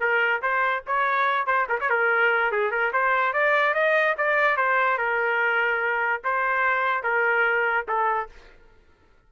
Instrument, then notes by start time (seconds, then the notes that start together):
trumpet
0.00 A#4
0.42 C5
0.87 C#5
1.47 C5
1.69 A#4
1.80 C#5
1.90 A#4
2.52 G#4
2.71 A#4
2.93 C5
3.33 D5
3.74 D#5
4.18 D5
4.57 C5
4.98 A#4
6.24 C5
7.03 A#4
7.88 A4